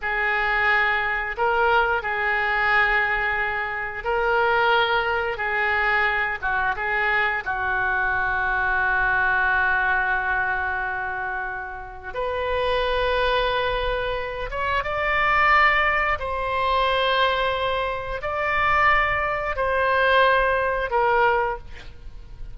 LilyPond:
\new Staff \with { instrumentName = "oboe" } { \time 4/4 \tempo 4 = 89 gis'2 ais'4 gis'4~ | gis'2 ais'2 | gis'4. fis'8 gis'4 fis'4~ | fis'1~ |
fis'2 b'2~ | b'4. cis''8 d''2 | c''2. d''4~ | d''4 c''2 ais'4 | }